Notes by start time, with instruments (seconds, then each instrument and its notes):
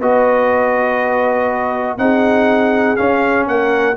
0.00 tuba B3, trombone F#4, horn B4, trumpet D#5
1.98 tuba C4, trombone D#4, horn G#4, trumpet F#5
2.96 trombone C#4, tuba C#4, trumpet F5
3.47 tuba A#3, horn A#4, trumpet F#5